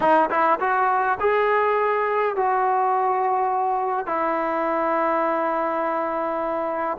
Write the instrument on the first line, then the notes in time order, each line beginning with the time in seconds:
trombone
0.00 D#4
0.30 E4
0.60 F#4
1.19 G#4
2.36 F#4
4.06 E4